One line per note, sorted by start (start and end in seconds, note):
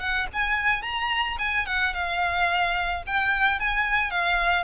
0.00 0.27 F#5
0.33 0.83 G#5
0.83 1.37 A#5
1.39 1.66 G#5
1.67 1.94 F#5
1.94 3.03 F5
3.07 3.60 G5
3.60 4.11 G#5
4.11 4.65 F5